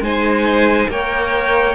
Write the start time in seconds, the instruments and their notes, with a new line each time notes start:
0.00 cello G#3, viola D#4, violin C5 G#5
0.89 cello A#3, viola A#4, violin C#5 G5